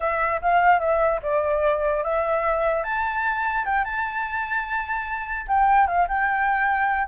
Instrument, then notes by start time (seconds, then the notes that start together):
flute
0.00 E5
0.41 F5
0.79 E5
1.22 D5
2.03 E5
2.83 A5
3.65 G5
3.84 A5
5.47 G5
5.87 F5
6.08 G5